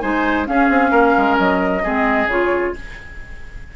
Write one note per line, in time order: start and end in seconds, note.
0.00 0.48 G#3
0.00 0.46 D#4
0.00 0.48 C5
0.00 0.45 G#5
0.46 1.82 C#4
0.46 0.70 C#4
0.46 0.91 G#4
0.46 1.38 F5
0.70 0.92 C4
0.91 1.14 A#3
0.91 1.82 A#4
1.18 1.39 G#3
1.38 1.84 F#3
1.38 2.29 D#5
1.83 2.27 G#3
1.83 2.29 C4
1.83 2.74 G#4
2.27 2.72 C#3
2.27 2.76 F4
2.27 2.76 C#5